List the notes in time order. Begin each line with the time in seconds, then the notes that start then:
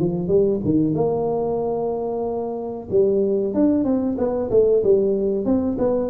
0.00 F3
0.28 G3
0.65 D#3
0.95 A#3
2.91 G3
3.54 D4
3.85 C4
4.18 B3
4.51 A3
4.84 G3
5.45 C4
5.79 B3